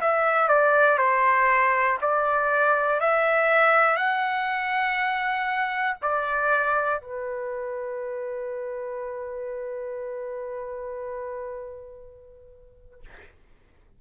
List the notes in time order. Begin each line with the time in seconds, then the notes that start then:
0.00 E5
0.48 D5
0.98 C5
2.01 D5
3.00 E5
3.96 F#5
6.01 D5
7.01 B4